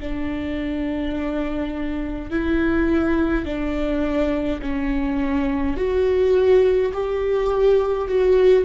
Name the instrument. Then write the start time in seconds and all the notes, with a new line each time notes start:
viola
0.00 D4
2.30 E4
3.45 D4
4.62 C#4
5.77 F#4
6.93 G4
8.08 F#4